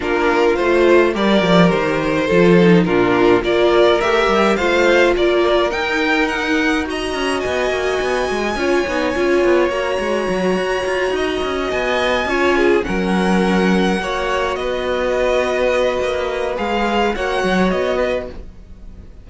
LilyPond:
<<
  \new Staff \with { instrumentName = "violin" } { \time 4/4 \tempo 4 = 105 ais'4 c''4 d''4 c''4~ | c''4 ais'4 d''4 e''4 | f''4 d''4 g''4 fis''4 | ais''4 gis''2.~ |
gis''4 ais''2.~ | ais''8 gis''2 fis''4.~ | fis''4. dis''2~ dis''8~ | dis''4 f''4 fis''4 dis''4 | }
  \new Staff \with { instrumentName = "violin" } { \time 4/4 f'2 ais'2 | a'4 f'4 ais'2 | c''4 ais'2. | dis''2. cis''4~ |
cis''2.~ cis''8 dis''8~ | dis''4. cis''8 gis'8 ais'4.~ | ais'8 cis''4 b'2~ b'8~ | b'2 cis''4. b'8 | }
  \new Staff \with { instrumentName = "viola" } { \time 4/4 d'4 f'4 g'2 | f'8 dis'8 d'4 f'4 g'4 | f'2 dis'2 | fis'2. f'8 dis'8 |
f'4 fis'2.~ | fis'4. f'4 cis'4.~ | cis'8 fis'2.~ fis'8~ | fis'4 gis'4 fis'2 | }
  \new Staff \with { instrumentName = "cello" } { \time 4/4 ais4 a4 g8 f8 dis4 | f4 ais,4 ais4 a8 g8 | a4 ais4 dis'2~ | dis'8 cis'8 b8 ais8 b8 gis8 cis'8 b8 |
cis'8 b8 ais8 gis8 fis8 fis'8 f'8 dis'8 | cis'8 b4 cis'4 fis4.~ | fis8 ais4 b2~ b8 | ais4 gis4 ais8 fis8 b4 | }
>>